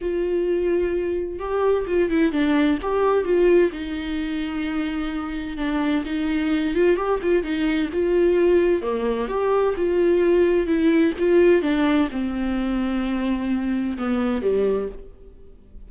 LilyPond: \new Staff \with { instrumentName = "viola" } { \time 4/4 \tempo 4 = 129 f'2. g'4 | f'8 e'8 d'4 g'4 f'4 | dis'1 | d'4 dis'4. f'8 g'8 f'8 |
dis'4 f'2 ais4 | g'4 f'2 e'4 | f'4 d'4 c'2~ | c'2 b4 g4 | }